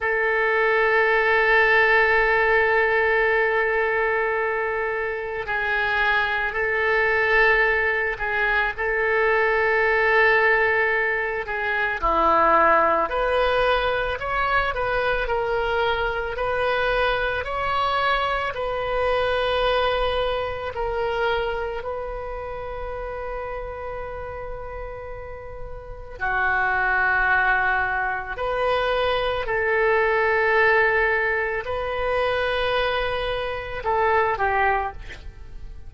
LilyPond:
\new Staff \with { instrumentName = "oboe" } { \time 4/4 \tempo 4 = 55 a'1~ | a'4 gis'4 a'4. gis'8 | a'2~ a'8 gis'8 e'4 | b'4 cis''8 b'8 ais'4 b'4 |
cis''4 b'2 ais'4 | b'1 | fis'2 b'4 a'4~ | a'4 b'2 a'8 g'8 | }